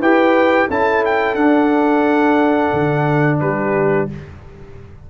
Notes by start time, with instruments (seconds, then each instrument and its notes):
0.00 tuba E4, trombone G4, horn B4, trumpet G5
0.68 tuba C#4, trombone E4, horn A4, trumpet A5
1.05 trumpet G5
1.34 tuba D4, trombone D4, trumpet F#5
2.73 tuba D3
3.40 tuba G3, horn G4, trumpet B4